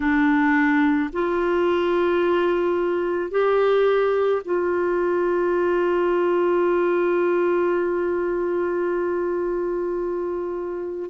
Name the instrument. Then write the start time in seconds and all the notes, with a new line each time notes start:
clarinet
0.00 D4
1.13 F4
3.30 G4
4.44 F4